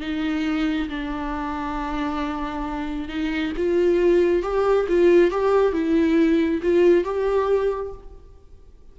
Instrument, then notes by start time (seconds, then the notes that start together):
viola
0.00 D#4
0.89 D4
3.08 D#4
3.57 F4
4.42 G4
4.88 F4
5.31 G4
5.72 E4
6.62 F4
7.04 G4